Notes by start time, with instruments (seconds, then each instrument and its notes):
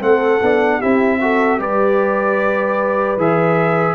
0.00 tuba A3, trombone C4, horn A4, trumpet F#5
0.42 tuba B3, trombone D4
0.78 tuba C4, trombone E4, horn G4, trumpet E5
1.21 trombone F#4, horn A4
1.59 tuba G3, trombone G4, horn B4, trumpet D5
3.17 tuba E3, trombone G#4, trumpet E5